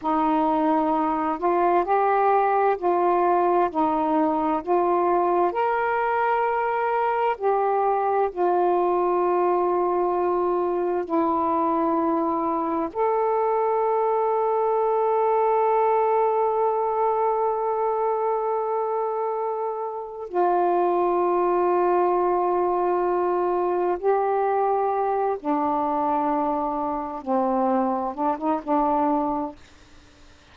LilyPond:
\new Staff \with { instrumentName = "saxophone" } { \time 4/4 \tempo 4 = 65 dis'4. f'8 g'4 f'4 | dis'4 f'4 ais'2 | g'4 f'2. | e'2 a'2~ |
a'1~ | a'2 f'2~ | f'2 g'4. d'8~ | d'4. c'4 d'16 dis'16 d'4 | }